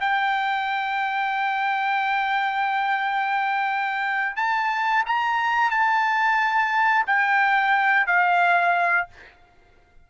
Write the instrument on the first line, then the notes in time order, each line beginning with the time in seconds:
trumpet
0.00 G5
4.36 A5
5.06 A#5
5.70 A5
7.06 G5
8.06 F5